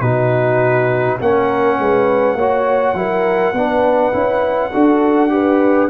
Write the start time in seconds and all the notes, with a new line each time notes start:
0.00 B2 D#4 F#4 B4
1.20 A#3 C#4 A#4 F#5
1.79 G#3 B4
2.35 A#3 F#4 C#5
2.94 F#3 E4 A#4
3.53 B3 D4 B4
4.12 C#4 E4
4.72 D4 F#4 A4
5.29 G4 B4